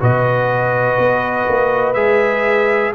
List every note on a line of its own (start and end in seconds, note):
0.00 0.98 B2
0.00 1.95 F#4
0.00 2.94 B4
0.00 1.94 D#5
0.98 1.47 B3
1.49 1.95 A#3
1.94 2.94 G#3
1.94 2.94 G#4
1.94 2.92 E5